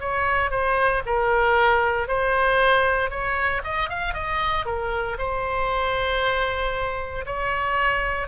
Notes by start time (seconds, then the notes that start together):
0.00 C#5
0.50 C5
1.06 A#4
2.08 C5
3.10 C#5
3.63 D#5
3.89 F5
4.14 D#5
4.66 A#4
5.18 C5
7.26 C#5